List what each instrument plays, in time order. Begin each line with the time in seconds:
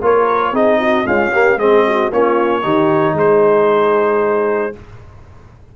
0.00 tuba A#3, trombone F4, horn A#4, trumpet C#5
0.52 tuba C4, trombone D#4, horn G#4, trumpet D#5
0.80 horn F#4
1.05 trombone G#3, tuba C#4, horn F4, trumpet F5
1.32 trombone A#3, horn G4
1.57 tuba G#3, trombone C4, horn G#4, trumpet D#5
1.87 horn F#4
2.11 tuba A#3, trombone C#4, horn F4, trumpet C#5
2.62 tuba D#3, trombone D#4, horn G4
3.13 tuba G#3, horn G#4, trumpet C5